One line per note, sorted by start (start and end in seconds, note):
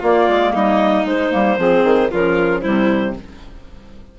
0.00 1.07 A#3
0.00 0.29 A#3
0.00 0.53 F4
0.00 0.54 D5
0.29 0.55 G#3
0.54 1.05 G3
0.54 1.60 D#4
0.54 1.07 D#5
1.05 1.32 G#3
1.05 1.31 G#3
1.05 2.13 C5
1.31 1.58 G3
1.31 1.58 A#3
1.58 1.84 F3
1.58 2.11 C4
1.58 2.12 G#4
1.84 2.10 D#3
2.11 2.66 C#3
2.11 2.62 F3
2.11 2.62 F4
2.11 2.61 A#4
2.61 3.19 C3
2.61 3.15 G3
2.61 3.15 E4
2.61 3.14 C5